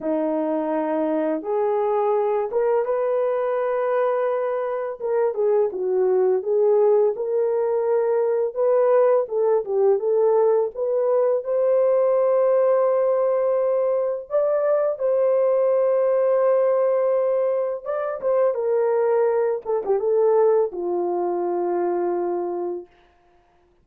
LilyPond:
\new Staff \with { instrumentName = "horn" } { \time 4/4 \tempo 4 = 84 dis'2 gis'4. ais'8 | b'2. ais'8 gis'8 | fis'4 gis'4 ais'2 | b'4 a'8 g'8 a'4 b'4 |
c''1 | d''4 c''2.~ | c''4 d''8 c''8 ais'4. a'16 g'16 | a'4 f'2. | }